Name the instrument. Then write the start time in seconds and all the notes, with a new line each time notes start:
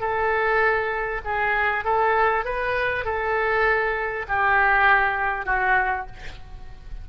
oboe
0.00 A4
1.25 G#4
1.84 A4
2.45 B4
3.05 A4
4.28 G4
5.45 F#4